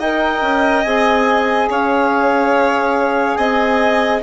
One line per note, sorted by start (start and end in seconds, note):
0.00 0.42 D#4
0.00 0.85 A#4
0.00 1.69 D#5
0.00 0.84 G5
0.42 0.84 C#4
0.84 1.70 C4
0.84 4.23 G#4
0.84 1.68 G#5
1.70 3.37 C#4
1.70 3.38 C#5
1.70 3.36 F5
3.36 4.22 C4
3.36 4.22 D#5
3.36 4.21 G#5